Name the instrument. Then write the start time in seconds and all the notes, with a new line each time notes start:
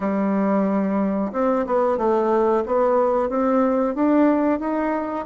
bassoon
0.00 G3
1.32 C4
1.66 B3
1.97 A3
2.66 B3
3.29 C4
3.94 D4
4.59 D#4